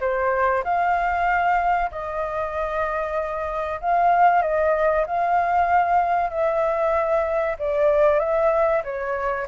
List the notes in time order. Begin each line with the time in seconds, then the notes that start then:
0.00 C5
0.64 F5
1.91 D#5
3.81 F5
4.42 D#5
5.06 F5
6.30 E5
7.58 D5
8.19 E5
8.84 C#5